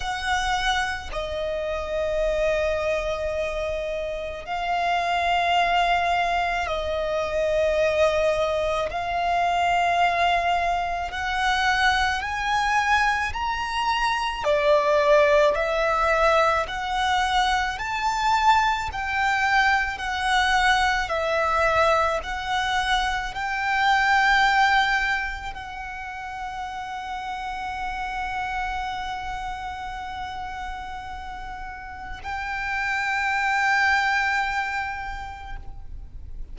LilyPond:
\new Staff \with { instrumentName = "violin" } { \time 4/4 \tempo 4 = 54 fis''4 dis''2. | f''2 dis''2 | f''2 fis''4 gis''4 | ais''4 d''4 e''4 fis''4 |
a''4 g''4 fis''4 e''4 | fis''4 g''2 fis''4~ | fis''1~ | fis''4 g''2. | }